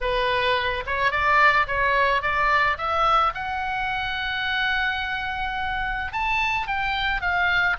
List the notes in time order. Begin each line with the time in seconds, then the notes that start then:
0.00 B4
0.86 C#5
1.11 D5
1.67 C#5
2.21 D5
2.77 E5
3.34 F#5
6.12 A5
6.67 G5
7.21 F5